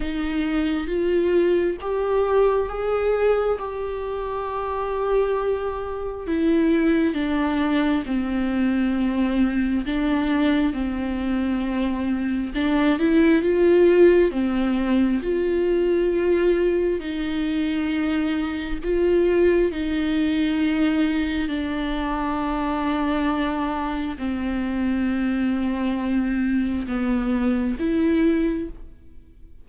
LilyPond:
\new Staff \with { instrumentName = "viola" } { \time 4/4 \tempo 4 = 67 dis'4 f'4 g'4 gis'4 | g'2. e'4 | d'4 c'2 d'4 | c'2 d'8 e'8 f'4 |
c'4 f'2 dis'4~ | dis'4 f'4 dis'2 | d'2. c'4~ | c'2 b4 e'4 | }